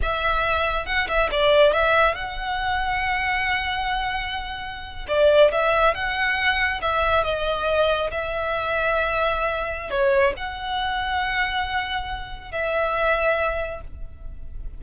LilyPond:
\new Staff \with { instrumentName = "violin" } { \time 4/4 \tempo 4 = 139 e''2 fis''8 e''8 d''4 | e''4 fis''2.~ | fis''2.~ fis''8. d''16~ | d''8. e''4 fis''2 e''16~ |
e''8. dis''2 e''4~ e''16~ | e''2. cis''4 | fis''1~ | fis''4 e''2. | }